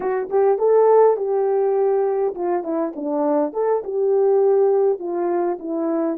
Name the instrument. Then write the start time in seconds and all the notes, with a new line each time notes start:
horn
0.00 F#4
0.29 G4
0.58 A4
1.16 G4
2.34 F4
2.63 E4
2.95 D4
3.53 A4
3.83 G4
4.99 F4
5.59 E4